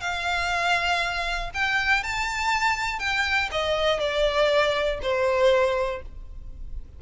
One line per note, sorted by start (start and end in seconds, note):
0.00 1.50 F5
1.54 2.03 G5
2.03 2.99 A5
2.99 3.49 G5
3.51 3.99 D#5
3.99 4.99 D5
5.02 6.02 C5